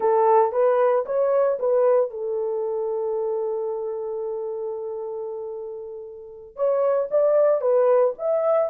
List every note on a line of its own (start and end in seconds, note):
0.00 0.52 A4
0.52 1.04 B4
1.05 1.58 C#5
1.59 2.10 B4
2.10 6.56 A4
6.56 7.08 C#5
7.11 7.61 D5
7.61 8.13 B4
8.18 8.70 E5